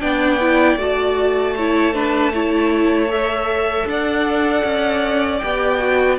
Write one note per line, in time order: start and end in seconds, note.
0.00 0.76 B3
0.00 0.39 D4
0.00 1.54 D5
0.00 0.77 G5
0.41 0.78 E4
0.76 3.84 A3
0.76 1.55 F#4
0.76 3.11 A5
1.56 1.94 E4
1.56 1.94 C#5
1.94 2.33 D4
1.94 2.32 B4
2.34 3.08 E4
2.34 3.87 C#5
3.08 5.39 A4
3.08 3.88 E5
3.86 4.63 D4
3.86 6.18 D5
3.86 5.39 F#5
4.64 5.41 C#4
5.39 6.18 B3
5.39 5.79 G4
5.39 6.16 G5
5.79 6.17 F#4